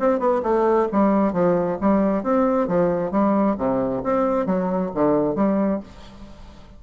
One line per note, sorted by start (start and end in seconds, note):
0.00 0.20 C4
0.20 0.42 B3
0.43 0.88 A3
0.92 1.33 G3
1.33 1.78 F3
1.81 2.24 G3
2.24 2.68 C4
2.68 3.11 F3
3.11 3.56 G3
3.58 4.03 C3
4.04 4.46 C4
4.46 4.91 F#3
4.95 5.35 D3
5.35 5.80 G3